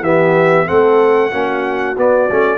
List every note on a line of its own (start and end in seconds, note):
0.00 0.65 E3
0.00 0.66 B3
0.00 0.66 G4
0.00 0.67 E5
0.66 1.32 A3
0.66 1.30 C4
0.66 1.30 A4
0.66 1.96 F#5
1.31 1.97 A#3
1.31 1.95 C#4
1.31 2.58 F#4
1.97 2.29 B3
1.97 2.58 D5
2.30 2.58 A3
2.30 2.58 C#4